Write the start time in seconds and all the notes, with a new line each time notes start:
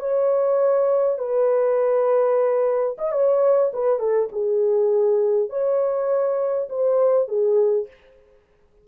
0.00 C#5
1.19 B4
2.98 D#5
3.12 C#5
3.73 B4
4.00 A4
4.32 G#4
5.50 C#5
6.69 C5
7.28 G#4